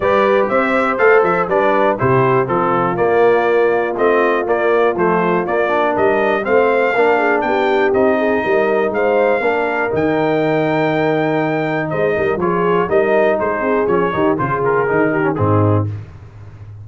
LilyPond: <<
  \new Staff \with { instrumentName = "trumpet" } { \time 4/4 \tempo 4 = 121 d''4 e''4 f''8 e''8 d''4 | c''4 a'4 d''2 | dis''4 d''4 c''4 d''4 | dis''4 f''2 g''4 |
dis''2 f''2 | g''1 | dis''4 cis''4 dis''4 c''4 | cis''4 c''8 ais'4. gis'4 | }
  \new Staff \with { instrumentName = "horn" } { \time 4/4 b'4 c''2 b'4 | g'4 f'2.~ | f'1 | ais'4 c''4 ais'8 gis'8 g'4~ |
g'8 gis'8 ais'4 c''4 ais'4~ | ais'1 | c''8 ais'8 gis'4 ais'4 gis'4~ | gis'8 g'8 gis'4. g'8 dis'4 | }
  \new Staff \with { instrumentName = "trombone" } { \time 4/4 g'2 a'4 d'4 | e'4 c'4 ais2 | c'4 ais4 a4 ais8 d'8~ | d'4 c'4 d'2 |
dis'2. d'4 | dis'1~ | dis'4 f'4 dis'2 | cis'8 dis'8 f'4 dis'8. cis'16 c'4 | }
  \new Staff \with { instrumentName = "tuba" } { \time 4/4 g4 c'4 a8 f8 g4 | c4 f4 ais2 | a4 ais4 f4 ais4 | g4 a4 ais4 b4 |
c'4 g4 gis4 ais4 | dis1 | gis8 g8 f4 g4 gis8 c'8 | f8 dis8 cis4 dis4 gis,4 | }
>>